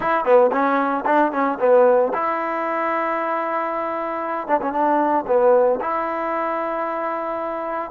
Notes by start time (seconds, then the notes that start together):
0.00 E4
0.24 B3
0.51 C#4
1.05 D4
1.32 C#4
1.59 B3
2.13 E4
4.47 D4
4.61 C#4
4.72 D4
5.27 B3
5.80 E4